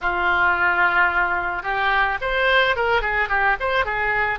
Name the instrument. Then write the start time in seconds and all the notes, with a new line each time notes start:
oboe
0.01 F4
1.62 G4
2.21 C5
2.75 A#4
3.01 G#4
3.29 G4
3.60 C5
3.85 G#4